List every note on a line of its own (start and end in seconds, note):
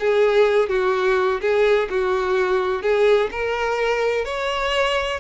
0.00 0.69 G#4
0.69 1.41 F#4
1.41 1.89 G#4
1.90 2.82 F#4
2.82 3.30 G#4
3.32 4.25 A#4
4.25 5.21 C#5